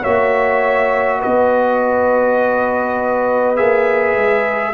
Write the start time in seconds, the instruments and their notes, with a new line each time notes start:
0.00 tuba A#3, trombone F#4, horn C#5, trumpet E5
1.20 tuba B3, horn B4, trumpet D#5
3.56 tuba A#3, trombone G#4, trumpet E5
4.15 tuba G#3